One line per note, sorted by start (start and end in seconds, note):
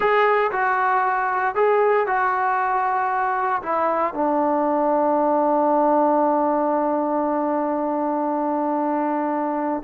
0.00 0.51 G#4
0.51 1.55 F#4
1.55 2.06 G#4
2.06 3.61 F#4
3.62 4.14 E4
4.14 9.83 D4